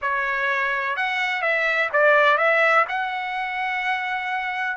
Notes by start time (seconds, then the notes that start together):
0.01 C#5
0.96 F#5
1.42 E5
1.92 D5
2.37 E5
2.88 F#5